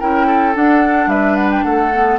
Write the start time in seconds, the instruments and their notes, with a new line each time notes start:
0.00 bassoon C#4, clarinet E4, oboe A#4, flute G5
0.27 oboe A4
0.54 clarinet D4, bassoon D4, flute F#5
1.07 bassoon G3, oboe B4, flute E5
1.36 flute F#5
1.51 flute G5
1.63 bassoon A3, oboe A4, flute F#5
1.93 clarinet B3